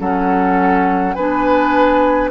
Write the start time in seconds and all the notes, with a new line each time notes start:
0.00 F#3 C#4 A4 F#5
1.14 B3 D4 B4 G#5